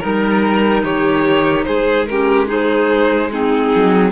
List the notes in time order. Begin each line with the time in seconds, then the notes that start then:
0.00 G3 D#4 A#4
0.83 D#3 G4 C#5
1.65 G#3 G#4 C5
2.06 C#4 G4 A#4
2.47 D#4 G#4 C5
3.31 C4 D#4 G#4
3.76 F#3